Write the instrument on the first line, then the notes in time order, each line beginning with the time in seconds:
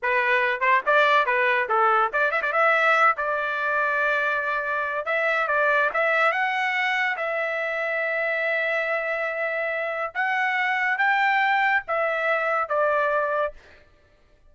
trumpet
0.02 B4
0.60 C5
0.86 D5
1.25 B4
1.69 A4
2.13 D5
2.31 E5
2.41 D5
2.52 E5
3.17 D5
5.05 E5
5.47 D5
5.93 E5
6.31 F#5
7.16 E5
10.14 F#5
10.98 G5
11.87 E5
12.69 D5